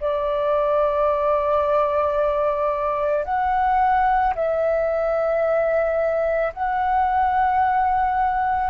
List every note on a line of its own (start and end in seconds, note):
0.00 3.24 D5
3.24 4.33 F#5
4.34 6.53 E5
6.53 8.70 F#5